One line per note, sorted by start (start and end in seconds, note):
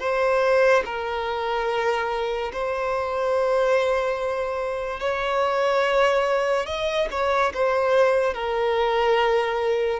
0.00 0.83 C5
0.86 2.52 A#4
2.53 5.00 C5
5.00 6.67 C#5
6.67 7.08 D#5
7.11 7.53 C#5
7.54 8.34 C5
8.34 10.00 A#4